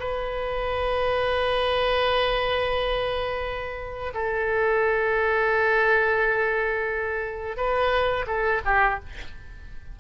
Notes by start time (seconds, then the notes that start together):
0.00 B4
4.14 A4
7.57 B4
8.27 A4
8.66 G4